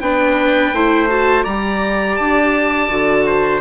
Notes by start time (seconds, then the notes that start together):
0.00 B3 D4 B4 G5
0.73 A3 E4 C5
1.08 F#4 A5
1.43 G3 G4 D5 A#5
2.16 D4 A5
2.88 D3 F#4
3.26 C5